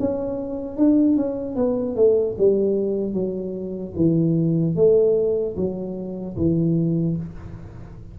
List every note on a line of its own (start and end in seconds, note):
0.00 0.77 C#4
0.77 1.17 D4
1.17 1.56 C#4
1.56 1.96 B3
1.96 2.36 A3
2.39 3.13 G3
3.13 3.93 F#3
3.96 4.76 E3
4.76 5.56 A3
5.57 6.37 F#3
6.37 7.17 E3